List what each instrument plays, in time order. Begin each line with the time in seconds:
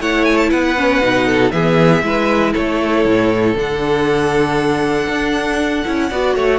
0.00 cello A3, viola E4, violin C#5 F#5
0.25 violin G#5
0.37 violin A5
0.50 cello B3, violin B4 F#5
0.77 viola C#4
1.00 cello B2, viola D#4
1.27 violin A4
1.51 cello E3, viola B3, violin G#4 E5
2.03 cello G#3, viola E4, violin B4
2.53 cello A3, violin A4 C#5
3.05 cello A2
3.55 cello D3, viola D4, violin F#5
5.08 cello D4
5.85 cello C#4, viola E4
6.10 cello B3, viola F#4, violin D5
6.36 cello A3, violin C#5